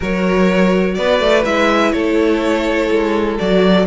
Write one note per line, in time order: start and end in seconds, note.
0.00 0.98 F#3
0.00 1.45 F#4
0.00 0.94 A#4
0.00 0.95 C#5
0.95 1.20 B3
0.95 1.94 B4
0.95 1.43 D5
1.20 1.44 A3
1.45 1.93 G#3
1.45 3.37 E4
1.45 1.92 E5
1.92 2.90 A3
1.92 3.86 A4
1.92 3.37 C#5
2.91 3.39 G#3
3.37 3.86 F#3
3.37 3.85 F#4
3.37 3.86 D5